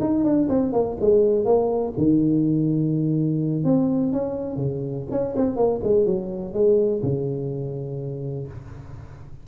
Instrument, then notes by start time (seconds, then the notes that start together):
tuba
0.00 D#4
0.24 D4
0.49 C4
0.72 A#3
1.00 G#3
1.45 A#3
1.97 D#3
3.64 C4
4.12 C#4
4.56 C#3
5.11 C#4
5.36 C4
5.56 A#3
5.83 G#3
6.05 F#3
6.53 G#3
7.02 C#3